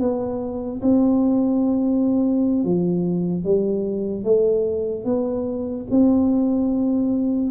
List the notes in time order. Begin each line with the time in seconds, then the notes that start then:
0.00 B3
0.82 C4
2.64 F3
3.44 G3
4.24 A3
5.05 B3
5.91 C4